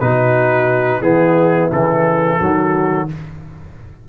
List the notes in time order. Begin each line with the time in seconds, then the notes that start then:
0.00 B2 D#4 F#4 B4
1.00 E3 B3 E4 G#4
1.71 C#3 E3 A4
2.38 D#3 F#3 F#4